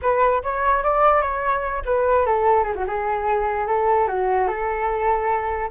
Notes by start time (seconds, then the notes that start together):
0.02 B4
0.43 C#5
0.83 D5
1.21 C#5
1.85 B4
2.26 A4
2.63 G#4
2.75 F#4
2.87 G#4
3.67 A4
4.07 F#4
4.47 A4